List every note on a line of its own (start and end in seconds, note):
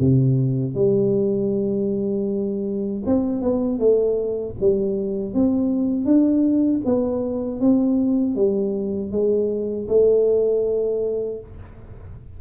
0.00 0.75 C3
0.75 3.03 G3
3.06 3.42 C4
3.42 3.79 B3
3.79 4.55 A3
4.61 5.34 G3
5.34 6.05 C4
6.05 6.81 D4
6.85 7.60 B3
7.60 8.36 C4
8.36 9.11 G3
9.11 9.87 G#3
9.88 11.40 A3